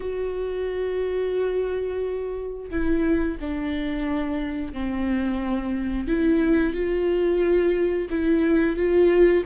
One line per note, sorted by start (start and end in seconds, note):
0.00 2.70 F#4
2.70 3.37 E4
3.40 4.73 D4
4.73 6.07 C4
6.07 6.73 E4
6.73 8.08 F4
8.10 8.76 E4
8.76 9.43 F4